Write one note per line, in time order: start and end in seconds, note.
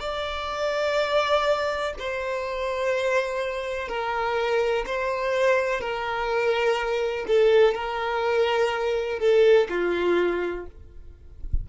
0.00 1.94 D5
1.99 3.88 C5
3.88 4.85 A#4
4.87 5.81 C5
5.81 7.26 A#4
7.28 7.74 A4
7.74 9.19 A#4
9.19 9.68 A4
9.70 10.66 F4